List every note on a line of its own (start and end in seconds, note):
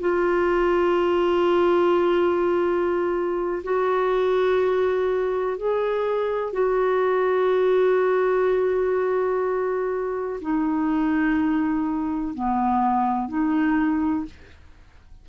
0.00 3.63 F4
3.64 5.57 F#4
5.57 6.53 G#4
6.53 10.40 F#4
10.41 12.34 D#4
12.34 13.28 B3
13.28 14.25 D#4